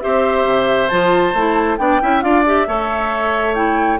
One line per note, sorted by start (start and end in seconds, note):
0.00 0.44 C4
0.00 0.89 G4
0.00 1.79 C5
0.00 0.88 E5
0.44 0.89 C3
0.88 1.33 F3
0.88 1.34 F4
0.88 1.76 A5
1.33 1.77 A3
1.33 1.78 E4
1.77 2.00 B3
1.77 2.00 D4
1.77 2.01 D5
1.77 2.21 G5
2.01 2.23 C#4
2.01 2.22 E4
2.01 2.23 E5
2.21 2.67 D4
2.21 2.44 F4
2.21 2.67 D5
2.21 2.43 F5
2.46 2.67 G4
2.46 3.55 E5
2.67 3.99 A3
2.67 3.54 A4
2.67 3.99 C#5
3.54 3.98 E4
3.54 3.99 G5